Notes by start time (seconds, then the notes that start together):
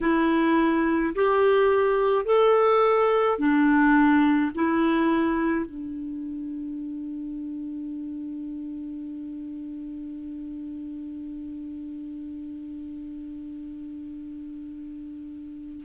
0.00 E4
1.15 G4
2.25 A4
3.38 D4
4.54 E4
5.65 D4